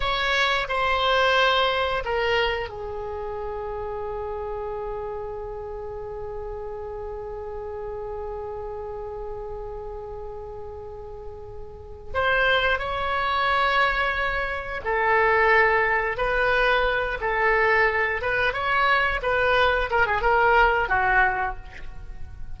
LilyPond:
\new Staff \with { instrumentName = "oboe" } { \time 4/4 \tempo 4 = 89 cis''4 c''2 ais'4 | gis'1~ | gis'1~ | gis'1~ |
gis'2 c''4 cis''4~ | cis''2 a'2 | b'4. a'4. b'8 cis''8~ | cis''8 b'4 ais'16 gis'16 ais'4 fis'4 | }